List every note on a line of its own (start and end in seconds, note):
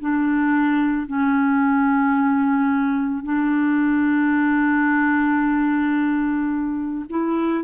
0.00 1.06 D4
1.06 3.23 C#4
3.23 7.05 D4
7.09 7.64 E4